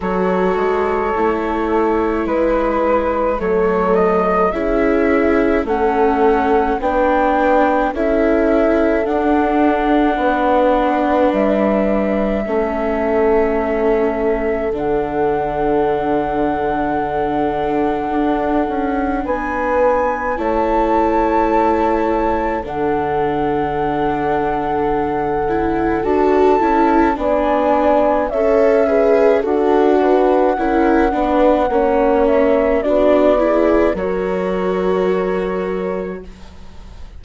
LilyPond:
<<
  \new Staff \with { instrumentName = "flute" } { \time 4/4 \tempo 4 = 53 cis''2 b'4 cis''8 dis''8 | e''4 fis''4 g''4 e''4 | fis''2 e''2~ | e''4 fis''2.~ |
fis''4 gis''4 a''2 | fis''2. a''4 | gis''4 e''4 fis''2~ | fis''8 e''8 d''4 cis''2 | }
  \new Staff \with { instrumentName = "horn" } { \time 4/4 a'2 b'4 a'4 | gis'4 a'4 b'4 a'4~ | a'4 b'2 a'4~ | a'1~ |
a'4 b'4 cis''2 | a'1 | d''4 cis''8 b'8 a'8 b'8 ais'8 b'8 | cis''4 fis'8 gis'8 ais'2 | }
  \new Staff \with { instrumentName = "viola" } { \time 4/4 fis'4 e'2 a4 | e'4 cis'4 d'4 e'4 | d'2. cis'4~ | cis'4 d'2.~ |
d'2 e'2 | d'2~ d'8 e'8 fis'8 e'8 | d'4 a'8 gis'8 fis'4 e'8 d'8 | cis'4 d'8 e'8 fis'2 | }
  \new Staff \with { instrumentName = "bassoon" } { \time 4/4 fis8 gis8 a4 gis4 fis4 | cis'4 a4 b4 cis'4 | d'4 b4 g4 a4~ | a4 d2. |
d'8 cis'8 b4 a2 | d2. d'8 cis'8 | b4 cis'4 d'4 cis'8 b8 | ais4 b4 fis2 | }
>>